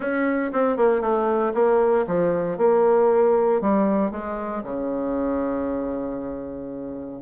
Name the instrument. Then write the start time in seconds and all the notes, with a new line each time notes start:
bassoon
0.00 C#4
0.52 C4
0.76 A#3
1.01 A3
1.54 A#3
2.07 F3
2.57 A#3
3.61 G3
4.11 G#3
4.63 C#3